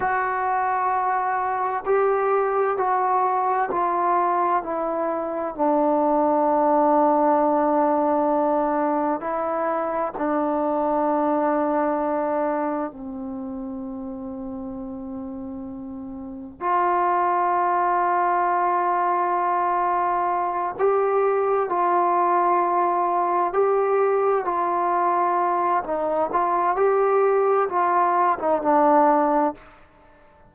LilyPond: \new Staff \with { instrumentName = "trombone" } { \time 4/4 \tempo 4 = 65 fis'2 g'4 fis'4 | f'4 e'4 d'2~ | d'2 e'4 d'4~ | d'2 c'2~ |
c'2 f'2~ | f'2~ f'8 g'4 f'8~ | f'4. g'4 f'4. | dis'8 f'8 g'4 f'8. dis'16 d'4 | }